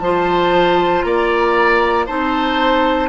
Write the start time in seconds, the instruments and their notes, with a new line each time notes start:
0.00 bassoon F3, clarinet F4, oboe C5, flute A5
1.02 bassoon A#3, oboe D5, flute A#5
2.07 bassoon C4, clarinet D#4, oboe C5, flute A5